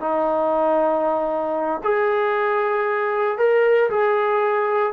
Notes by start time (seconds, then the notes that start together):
0.00 D#4
1.83 G#4
3.38 A#4
3.90 G#4